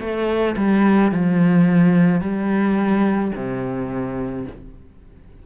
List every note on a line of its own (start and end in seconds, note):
0.00 0.56 A3
0.57 1.12 G3
1.12 2.21 F3
2.21 3.32 G3
3.35 4.46 C3